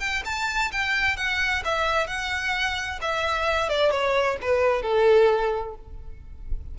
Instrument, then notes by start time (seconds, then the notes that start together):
violin
0.00 G5
0.25 A5
0.72 G5
1.17 F#5
1.64 E5
2.07 F#5
3.01 E5
3.69 D5
3.91 C#5
4.41 B4
4.82 A4